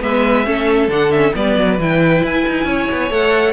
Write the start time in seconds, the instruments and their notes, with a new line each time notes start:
0.00 cello G#3, viola B3, violin B4 E5
0.44 cello A3, viola C#4, violin A4
0.88 cello D3, viola D4, violin F#5
1.11 viola C#4, violin E5
1.33 cello G3, viola B3, violin B4 D5
1.57 cello F#3
1.78 cello E3, viola E4, violin G5
2.23 cello E4, violin G#5
2.47 cello D#4
2.64 cello C#4, violin C#5
2.91 cello B3
3.10 cello A3, viola A4, violin F#5